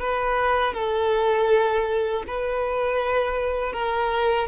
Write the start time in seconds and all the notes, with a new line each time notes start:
0.00 B4
0.74 A4
2.28 B4
3.73 A#4